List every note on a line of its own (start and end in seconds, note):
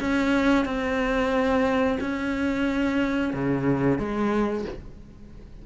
0.00 0.65 C#4
0.65 1.98 C4
2.00 3.33 C#4
3.33 3.98 C#3
3.98 4.65 G#3